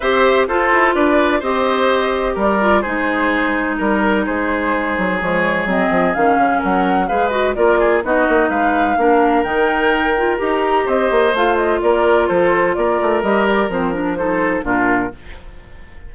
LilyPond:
<<
  \new Staff \with { instrumentName = "flute" } { \time 4/4 \tempo 4 = 127 e''4 c''4 d''4 dis''4~ | dis''4 d''4 c''2 | ais'4 c''2 cis''4 | dis''4 f''4 fis''4 f''8 dis''8 |
d''4 dis''4 f''2 | g''2 ais''4 dis''4 | f''8 dis''8 d''4 c''4 d''4 | dis''8 d''8 c''8 ais'8 c''4 ais'4 | }
  \new Staff \with { instrumentName = "oboe" } { \time 4/4 c''4 a'4 b'4 c''4~ | c''4 ais'4 gis'2 | ais'4 gis'2.~ | gis'2 ais'4 b'4 |
ais'8 gis'8 fis'4 b'4 ais'4~ | ais'2. c''4~ | c''4 ais'4 a'4 ais'4~ | ais'2 a'4 f'4 | }
  \new Staff \with { instrumentName = "clarinet" } { \time 4/4 g'4 f'2 g'4~ | g'4. f'8 dis'2~ | dis'2. gis4 | c'4 cis'2 gis'8 fis'8 |
f'4 dis'2 d'4 | dis'4. f'8 g'2 | f'1 | g'4 c'8 d'8 dis'4 d'4 | }
  \new Staff \with { instrumentName = "bassoon" } { \time 4/4 c'4 f'8 e'8 d'4 c'4~ | c'4 g4 gis2 | g4 gis4. fis8 f4 | fis8 f8 dis8 cis8 fis4 gis4 |
ais4 b8 ais8 gis4 ais4 | dis2 dis'4 c'8 ais8 | a4 ais4 f4 ais8 a8 | g4 f2 ais,4 | }
>>